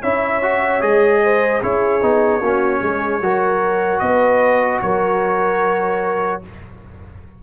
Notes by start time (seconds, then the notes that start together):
0.00 C#4 E4 C#5 E5
0.42 F#4
0.80 G#3 G#4 D#5
1.23 C5
1.62 C#4 E4 G#4 C#5
2.01 B3 D#4
2.40 A#3 C#4 F#4
2.79 G#3 G#4
3.21 F#3 F#4 A#4
3.99 B3 B4 D#5
4.81 F#3 A#4 C#5